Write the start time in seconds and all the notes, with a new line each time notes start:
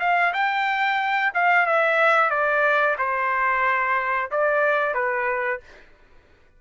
0.00 F5
0.34 G5
1.34 F5
1.66 E5
2.30 D5
2.99 C5
4.31 D5
4.94 B4